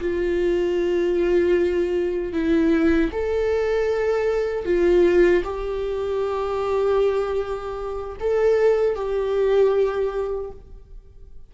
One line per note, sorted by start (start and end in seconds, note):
0.00 2.33 F4
2.33 3.11 E4
3.12 4.65 A4
4.65 5.43 F4
5.44 8.16 G4
8.20 8.95 A4
8.95 10.51 G4